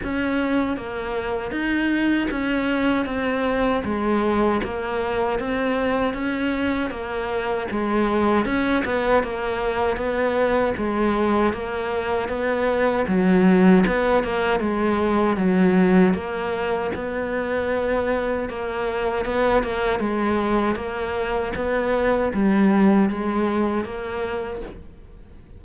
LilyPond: \new Staff \with { instrumentName = "cello" } { \time 4/4 \tempo 4 = 78 cis'4 ais4 dis'4 cis'4 | c'4 gis4 ais4 c'4 | cis'4 ais4 gis4 cis'8 b8 | ais4 b4 gis4 ais4 |
b4 fis4 b8 ais8 gis4 | fis4 ais4 b2 | ais4 b8 ais8 gis4 ais4 | b4 g4 gis4 ais4 | }